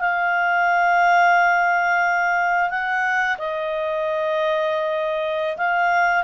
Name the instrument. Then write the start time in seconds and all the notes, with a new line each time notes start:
clarinet
0.00 F5
2.70 F#5
3.38 D#5
5.57 F5